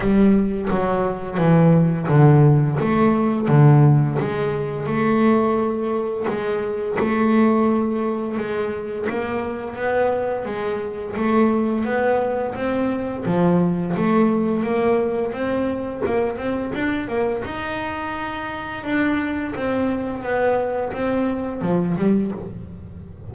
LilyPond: \new Staff \with { instrumentName = "double bass" } { \time 4/4 \tempo 4 = 86 g4 fis4 e4 d4 | a4 d4 gis4 a4~ | a4 gis4 a2 | gis4 ais4 b4 gis4 |
a4 b4 c'4 f4 | a4 ais4 c'4 ais8 c'8 | d'8 ais8 dis'2 d'4 | c'4 b4 c'4 f8 g8 | }